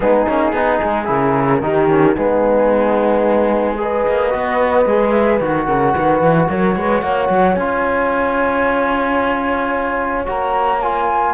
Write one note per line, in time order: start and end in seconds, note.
0.00 0.26 G#3
0.00 0.26 B3
0.00 0.54 D#4
0.00 1.08 G#4
0.27 0.52 A#3
0.27 0.54 C#4
0.52 0.79 B3
0.52 1.04 D#4
0.52 1.62 G#4
0.82 1.08 G#3
1.04 1.62 C#3
1.04 1.58 E4
1.04 2.15 A#4
1.62 2.16 D#3
1.62 1.88 D#4
1.62 2.16 G4
1.88 2.15 C#4
2.15 4.06 G#3
2.15 3.77 B3
2.15 3.78 D#4
2.15 3.77 G#4
3.77 4.30 G#4
3.77 5.67 B4
3.77 5.11 D#5
4.07 4.33 A#3
4.30 4.85 B3
4.30 4.84 F#4
4.85 5.39 G#3
4.85 5.41 G#4
5.11 5.38 E5
5.40 5.67 D#3
5.40 7.57 F#4
5.40 6.50 F#5
5.67 5.94 C#3
5.67 5.94 A#4
5.95 6.21 D#3
5.95 6.49 B4
6.21 6.48 E3
6.49 6.75 F#3
6.49 6.76 A#4
6.49 7.02 C#5
6.75 7.01 G#3
6.75 7.02 B4
7.01 7.28 A#3
7.01 11.34 C#5
7.01 7.54 F#5
7.29 7.56 F#3
7.54 10.26 C#4
7.54 10.25 F4
7.54 10.24 G#5
10.25 11.34 A#3
10.25 10.79 F#4
10.25 10.81 A#5
10.81 11.34 F4
10.81 11.34 G#5